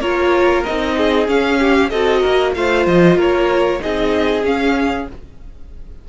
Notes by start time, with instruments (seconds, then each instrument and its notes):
0.00 cello A#3, viola F4, violin A#4 C#5
0.64 cello C4, viola D#4, violin D#5
0.97 violin G#4
1.27 viola C#4, cello C#4, violin F5
1.60 violin G4
1.90 cello C4, viola F#4, violin A4 D#5
2.21 cello A#3, violin A#4
2.55 cello A3, viola F4, violin C5 F5
2.87 cello F3, violin D#5
3.16 cello A#3, violin A#4 C#5
3.80 cello C4, viola D#4, violin G#4 D#5
4.44 viola C#4, cello C#4, violin F5